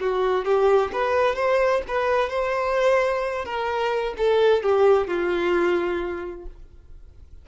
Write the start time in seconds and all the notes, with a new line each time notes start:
0.00 F#4
0.45 G4
0.92 B4
1.35 C5
1.87 B4
2.29 C5
3.45 A#4
4.17 A4
4.62 G4
5.07 F4